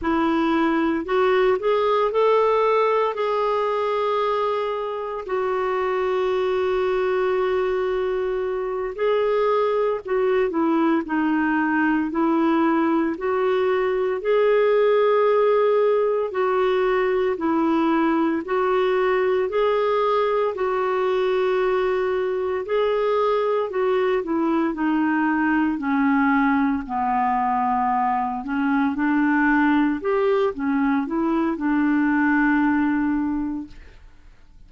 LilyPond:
\new Staff \with { instrumentName = "clarinet" } { \time 4/4 \tempo 4 = 57 e'4 fis'8 gis'8 a'4 gis'4~ | gis'4 fis'2.~ | fis'8 gis'4 fis'8 e'8 dis'4 e'8~ | e'8 fis'4 gis'2 fis'8~ |
fis'8 e'4 fis'4 gis'4 fis'8~ | fis'4. gis'4 fis'8 e'8 dis'8~ | dis'8 cis'4 b4. cis'8 d'8~ | d'8 g'8 cis'8 e'8 d'2 | }